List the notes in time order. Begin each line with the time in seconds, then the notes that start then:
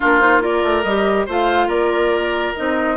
0.00 A#3 D4 F4 A#4
0.19 D#4 C5
0.40 F4 A#4 D5
0.63 A3
0.83 G3 G4 D#5
1.26 A3 F4 C5 F5
1.67 A#3 A#4 D5
2.55 C4 D#4 D#5